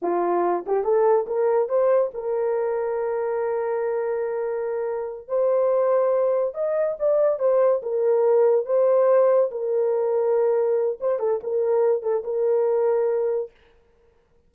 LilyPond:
\new Staff \with { instrumentName = "horn" } { \time 4/4 \tempo 4 = 142 f'4. g'8 a'4 ais'4 | c''4 ais'2.~ | ais'1~ | ais'8 c''2. dis''8~ |
dis''8 d''4 c''4 ais'4.~ | ais'8 c''2 ais'4.~ | ais'2 c''8 a'8 ais'4~ | ais'8 a'8 ais'2. | }